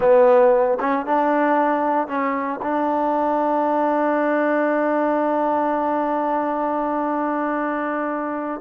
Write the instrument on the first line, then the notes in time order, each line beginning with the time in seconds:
trombone
0.00 B3
0.80 C#4
1.06 D4
2.07 C#4
2.62 D4